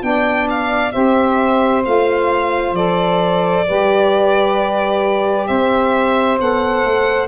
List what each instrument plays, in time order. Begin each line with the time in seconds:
0.00 tuba B3, saxophone D4 D5, violin G5
0.50 violin F5
0.92 tuba C4, saxophone G4 C5, violin E5
1.84 tuba A3, saxophone F4, violin F5
2.72 tuba F3, saxophone A4, violin D5
3.67 tuba G3, saxophone G4 B4
5.47 tuba C4, saxophone C5, violin E5
6.39 tuba B3, saxophone A4, violin F#5
6.84 tuba A3